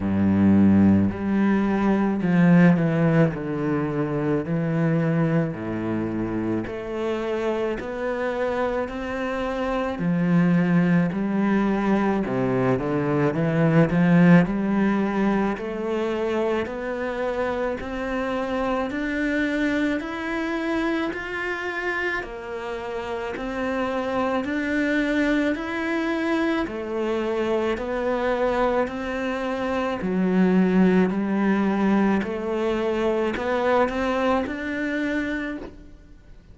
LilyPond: \new Staff \with { instrumentName = "cello" } { \time 4/4 \tempo 4 = 54 g,4 g4 f8 e8 d4 | e4 a,4 a4 b4 | c'4 f4 g4 c8 d8 | e8 f8 g4 a4 b4 |
c'4 d'4 e'4 f'4 | ais4 c'4 d'4 e'4 | a4 b4 c'4 fis4 | g4 a4 b8 c'8 d'4 | }